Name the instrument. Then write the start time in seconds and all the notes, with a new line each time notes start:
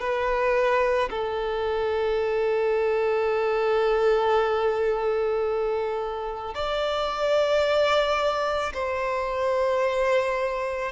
violin
0.00 B4
1.10 A4
6.55 D5
8.74 C5